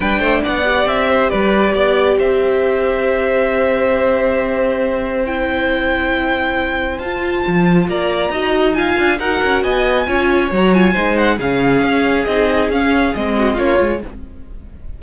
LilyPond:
<<
  \new Staff \with { instrumentName = "violin" } { \time 4/4 \tempo 4 = 137 g''4 fis''4 e''4 d''4~ | d''4 e''2.~ | e''1 | g''1 |
a''2 ais''2 | gis''4 fis''4 gis''2 | ais''8 gis''4 fis''8 f''2 | dis''4 f''4 dis''4 cis''4 | }
  \new Staff \with { instrumentName = "violin" } { \time 4/4 b'8 c''8 d''4. c''8 b'4 | d''4 c''2.~ | c''1~ | c''1~ |
c''2 d''4 dis''4 | f''4 ais'4 dis''4 cis''4~ | cis''4 c''4 gis'2~ | gis'2~ gis'8 fis'8 f'4 | }
  \new Staff \with { instrumentName = "viola" } { \time 4/4 d'4. g'2~ g'8~ | g'1~ | g'1 | e'1 |
f'2. fis'4 | f'4 fis'2 f'4 | fis'8 f'8 dis'4 cis'2 | dis'4 cis'4 c'4 cis'8 f'8 | }
  \new Staff \with { instrumentName = "cello" } { \time 4/4 g8 a8 b4 c'4 g4 | b4 c'2.~ | c'1~ | c'1 |
f'4 f4 ais4 dis'4~ | dis'8 d'8 dis'8 cis'8 b4 cis'4 | fis4 gis4 cis4 cis'4 | c'4 cis'4 gis4 ais8 gis8 | }
>>